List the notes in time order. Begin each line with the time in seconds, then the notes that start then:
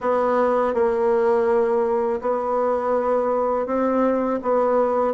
0.00 B3
0.74 A#3
2.21 B3
3.66 C4
4.42 B3